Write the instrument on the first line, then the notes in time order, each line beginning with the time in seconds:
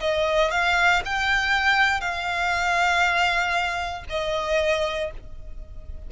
violin
0.00 D#5
0.51 F5
1.05 G5
2.01 F5
4.09 D#5